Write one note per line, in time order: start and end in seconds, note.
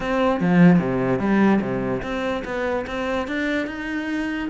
0.00 0.40 C4
0.40 0.79 F3
0.79 1.19 C3
1.19 1.60 G3
1.61 2.01 C3
2.02 2.43 C4
2.44 2.85 B3
2.87 3.27 C4
3.27 3.67 D4
3.67 4.48 D#4